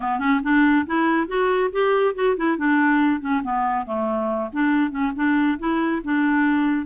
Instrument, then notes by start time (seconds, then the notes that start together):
clarinet
0.00 B3
0.19 C#4
0.43 D4
0.86 E4
1.27 F#4
1.72 G4
2.14 F#4
2.36 E4
2.57 D4
3.20 C#4
3.43 B3
3.86 A3
4.53 D4
4.90 C#4
5.15 D4
5.59 E4
6.04 D4